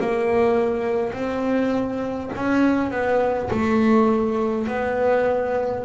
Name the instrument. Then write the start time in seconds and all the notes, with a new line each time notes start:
double bass
0.00 A#3
1.12 C4
2.35 C#4
2.90 B3
3.50 A3
4.67 B3